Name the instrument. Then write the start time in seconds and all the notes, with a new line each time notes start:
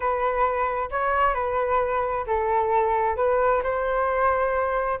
flute
0.00 B4
0.90 C#5
1.34 B4
2.26 A4
3.16 B4
3.63 C5